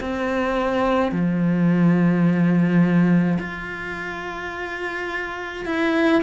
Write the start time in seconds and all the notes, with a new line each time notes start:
0.00 C4
1.12 F3
3.39 F4
5.66 E4